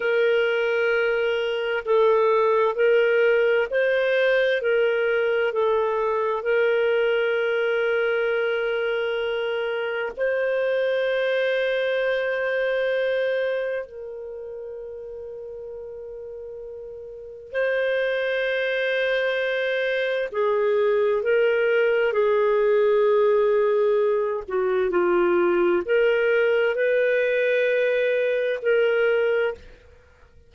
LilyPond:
\new Staff \with { instrumentName = "clarinet" } { \time 4/4 \tempo 4 = 65 ais'2 a'4 ais'4 | c''4 ais'4 a'4 ais'4~ | ais'2. c''4~ | c''2. ais'4~ |
ais'2. c''4~ | c''2 gis'4 ais'4 | gis'2~ gis'8 fis'8 f'4 | ais'4 b'2 ais'4 | }